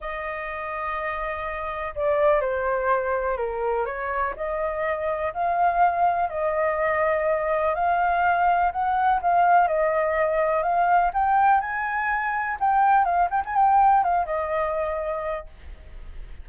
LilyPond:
\new Staff \with { instrumentName = "flute" } { \time 4/4 \tempo 4 = 124 dis''1 | d''4 c''2 ais'4 | cis''4 dis''2 f''4~ | f''4 dis''2. |
f''2 fis''4 f''4 | dis''2 f''4 g''4 | gis''2 g''4 f''8 g''16 gis''16 | g''4 f''8 dis''2~ dis''8 | }